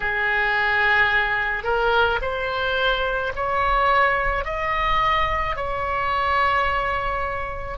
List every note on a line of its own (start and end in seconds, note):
0.00 1.63 G#4
1.63 2.19 A#4
2.21 3.32 C5
3.35 4.44 C#5
4.44 5.56 D#5
5.56 7.77 C#5